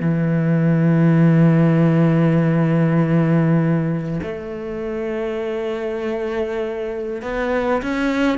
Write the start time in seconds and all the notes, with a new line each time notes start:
0.00 E3
4.22 A3
7.21 B3
7.82 C#4